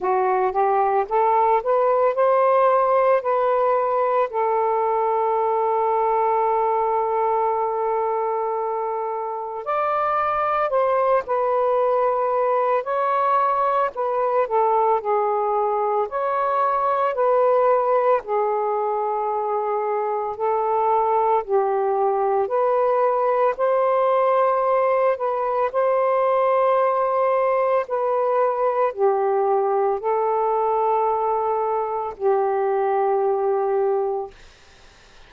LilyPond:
\new Staff \with { instrumentName = "saxophone" } { \time 4/4 \tempo 4 = 56 fis'8 g'8 a'8 b'8 c''4 b'4 | a'1~ | a'4 d''4 c''8 b'4. | cis''4 b'8 a'8 gis'4 cis''4 |
b'4 gis'2 a'4 | g'4 b'4 c''4. b'8 | c''2 b'4 g'4 | a'2 g'2 | }